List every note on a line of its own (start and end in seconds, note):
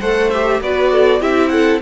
0.00 0.61 A3
0.00 0.32 A4
0.00 0.60 C5
0.00 0.31 F#5
0.31 0.63 G4
0.31 0.61 E5
0.61 1.21 B3
0.61 1.21 F#4
0.61 0.92 B4
0.61 1.22 D5
0.92 1.22 A4
1.21 1.81 C4
1.21 1.81 E4
1.21 1.52 G4
1.21 1.49 E5
1.49 1.82 A4
1.49 1.79 F#5